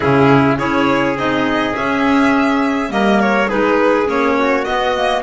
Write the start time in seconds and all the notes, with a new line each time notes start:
0.00 C#3 C#4 E4 G#4
0.57 C#4 E4 G#4 C#5
1.16 C4 D#4 D#5
1.74 C#4 E5
2.89 G3 A#3 A#4 D#5
3.20 C#5
3.48 G#3 D#4 G#4 B4
4.05 A#3 C#4 C#5
4.38 F#4
4.64 B3 D#5
4.95 A#3